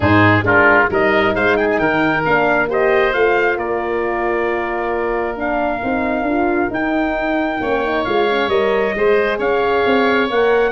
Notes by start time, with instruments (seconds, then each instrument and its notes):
0.00 tuba G#2, horn D#4, oboe G#4, trumpet C5
0.42 tuba G#3, horn D4, oboe F4, trumpet A#4
0.90 tuba G3, horn D#4, oboe A#4, trumpet D#5
1.34 tuba G#3, oboe C5, trumpet F5
1.56 oboe G#4, trumpet G5
1.70 trumpet G#5
1.78 tuba D#3, oboe A#4, trumpet G5
2.24 tuba A#3, horn D4, trumpet F5
2.68 horn G4, oboe C5, trumpet D#5
3.13 tuba A3, horn F4, trumpet F5
3.57 tuba A#3, oboe A#4, trumpet D5
5.36 horn D4, trumpet F5
5.82 tuba C4, horn D#4
6.22 tuba D4, horn F4
6.69 tuba D#4, horn D#4, trumpet G5
7.60 tuba A#3, horn C#4, oboe C#5
7.84 horn D#4
8.04 tuba G#3, horn F4, trumpet F5
8.29 horn C#4
8.47 tuba G3, horn A#4, trumpet D#5
8.94 tuba G#3, horn G#4, oboe C5
9.38 tuba C#4, oboe C#5, trumpet F5
9.85 tuba C4
10.30 tuba A#3, horn A#4, trumpet F#5